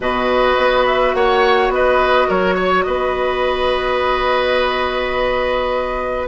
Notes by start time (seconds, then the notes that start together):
0.00 B2 F#4 B4 D#5
0.57 B3
0.86 E5
1.14 A#3 C#5 F#5
1.69 B3 B4 D#5
2.28 F#3 A#4 C#5
2.55 C#5
2.83 B3 B4 D#5